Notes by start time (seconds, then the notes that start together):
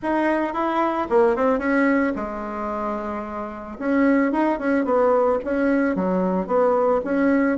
0.02 D#4
0.53 E4
1.09 A#3
1.36 C4
1.58 C#4
2.15 G#3
3.78 C#4
4.32 D#4
4.58 C#4
4.84 B3
5.44 C#4
5.95 F#3
6.46 B3
7.04 C#4